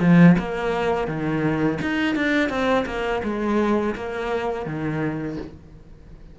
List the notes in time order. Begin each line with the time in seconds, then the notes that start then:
0.00 F3
0.39 A#3
1.07 D#3
1.81 D#4
2.15 D4
2.49 C4
2.86 A#3
3.23 G#3
3.95 A#3
4.66 D#3